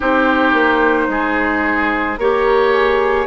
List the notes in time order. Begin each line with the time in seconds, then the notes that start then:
0.00 C4 D#4 G4 C5
0.53 A#3
1.08 G#3 G#4
2.18 A#3 G4 A#4 C#5
2.72 G#4